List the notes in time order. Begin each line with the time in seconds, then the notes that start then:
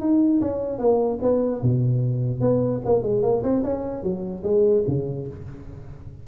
0.00 D#4
0.41 C#4
0.78 A#3
1.22 B3
1.62 B2
2.41 B3
2.85 A#3
3.03 G#3
3.22 A#3
3.43 C4
3.63 C#4
4.03 F#3
4.43 G#3
4.87 C#3